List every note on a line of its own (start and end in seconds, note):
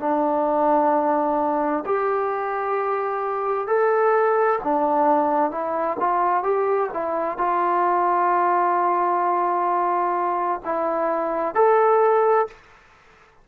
0.00 1.85 D4
1.86 3.67 G4
3.67 4.59 A4
4.64 5.52 D4
5.52 5.98 E4
6.00 6.44 F4
6.44 6.90 G4
6.94 7.38 E4
7.38 10.61 F4
10.65 11.55 E4
11.55 12.47 A4